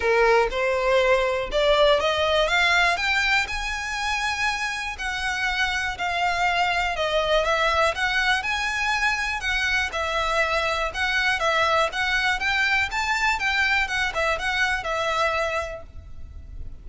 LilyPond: \new Staff \with { instrumentName = "violin" } { \time 4/4 \tempo 4 = 121 ais'4 c''2 d''4 | dis''4 f''4 g''4 gis''4~ | gis''2 fis''2 | f''2 dis''4 e''4 |
fis''4 gis''2 fis''4 | e''2 fis''4 e''4 | fis''4 g''4 a''4 g''4 | fis''8 e''8 fis''4 e''2 | }